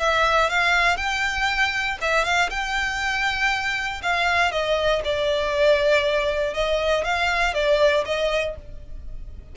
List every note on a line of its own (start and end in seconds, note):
0.00 0.50 E5
0.50 0.97 F5
0.97 1.98 G5
2.02 2.25 E5
2.25 2.50 F5
2.50 4.02 G5
4.03 4.52 F5
4.52 5.02 D#5
5.05 6.55 D5
6.55 7.05 D#5
7.05 7.54 F5
7.54 8.05 D5
8.06 8.56 D#5